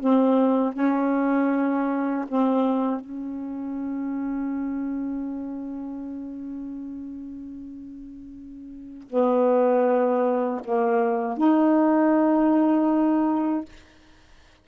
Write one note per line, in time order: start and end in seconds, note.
0.00 0.74 C4
0.74 2.25 C#4
2.28 3.00 C4
3.00 9.08 C#4
9.09 10.61 B3
10.64 11.37 A#3
11.37 13.65 D#4